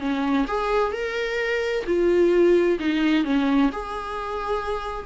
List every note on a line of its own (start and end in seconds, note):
0.00 0.46 C#4
0.48 0.93 G#4
0.93 1.85 A#4
1.87 2.79 F4
2.80 3.25 D#4
3.25 3.71 C#4
3.73 5.06 G#4